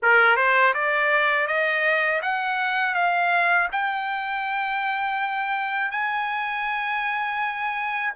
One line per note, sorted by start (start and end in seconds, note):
0.02 0.36 A#4
0.36 0.73 C5
0.74 1.47 D5
1.47 2.21 D#5
2.22 2.94 F#5
2.94 3.68 F5
3.72 5.91 G5
5.91 8.13 G#5